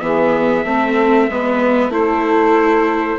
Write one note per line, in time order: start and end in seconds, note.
0.00 0.64 E3
0.00 0.64 B3
0.00 0.66 G#4
0.00 1.92 E5
0.64 1.28 A3
0.64 1.29 C4
0.64 1.29 A4
1.29 1.89 G#3
1.29 1.91 B3
1.29 1.93 B4
1.89 3.17 A3
1.89 3.19 E4
1.89 3.19 A4
1.89 3.19 C5